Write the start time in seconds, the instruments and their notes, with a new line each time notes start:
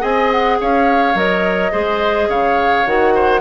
0.00 bassoon C4, clarinet G#4, oboe D#5, flute G#5
0.31 flute F#5
0.61 bassoon C#4, oboe C#5, flute F5
1.15 bassoon F#3, clarinet A#4, flute D#5
1.72 bassoon G#3, clarinet G#4, oboe C5
2.28 bassoon C#3, oboe C#5, flute F5
2.86 bassoon D#3, clarinet F#4, flute F#5
3.15 oboe C5